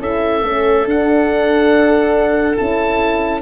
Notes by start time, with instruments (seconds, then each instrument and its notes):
0.00 tuba C#4, horn E4, viola A4, oboe E5
0.43 tuba A3, horn C#4
0.85 tuba D4, horn D4, oboe F#5
2.57 tuba C#4, horn E4, oboe A5